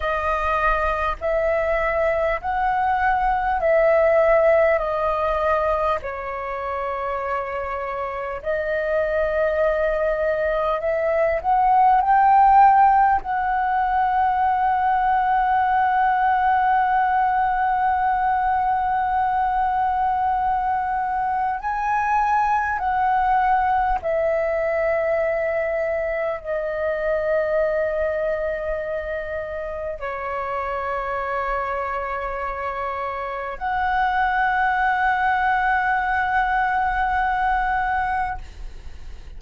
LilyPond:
\new Staff \with { instrumentName = "flute" } { \time 4/4 \tempo 4 = 50 dis''4 e''4 fis''4 e''4 | dis''4 cis''2 dis''4~ | dis''4 e''8 fis''8 g''4 fis''4~ | fis''1~ |
fis''2 gis''4 fis''4 | e''2 dis''2~ | dis''4 cis''2. | fis''1 | }